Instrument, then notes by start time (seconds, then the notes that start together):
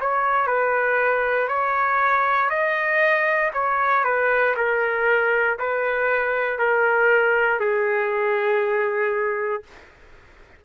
trumpet
0.00 C#5
0.47 B4
1.48 C#5
2.50 D#5
3.53 C#5
4.04 B4
4.56 A#4
5.59 B4
6.58 A#4
7.59 G#4